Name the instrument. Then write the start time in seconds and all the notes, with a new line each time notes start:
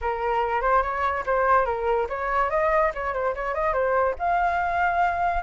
flute
0.01 A#4
0.61 C5
0.82 C#5
1.25 C5
1.65 A#4
2.09 C#5
2.50 D#5
2.94 C#5
3.13 C5
3.34 C#5
3.54 D#5
3.73 C5
4.19 F5